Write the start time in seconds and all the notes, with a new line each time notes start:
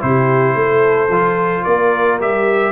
0.00 C3 E4 G4 C5
0.55 A3 A4
1.09 F3 F4
1.64 A#3 A#4 D5
2.20 G3 G4 E5